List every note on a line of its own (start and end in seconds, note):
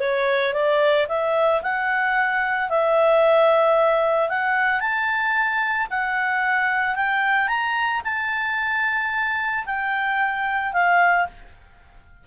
0.00 0.54 C#5
0.54 1.07 D5
1.08 1.62 E5
1.63 2.70 F#5
2.70 4.29 E5
4.29 4.80 F#5
4.80 5.88 A5
5.91 6.96 F#5
6.96 7.48 G5
7.48 8.02 A#5
8.05 9.65 A5
9.66 10.73 G5
10.73 11.27 F5